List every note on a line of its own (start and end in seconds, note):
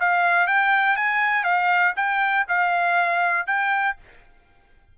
0.00 0.47 F5
0.47 0.97 G5
0.97 1.44 G#5
1.44 1.94 F5
1.96 2.46 G5
2.49 3.47 F5
3.47 3.97 G5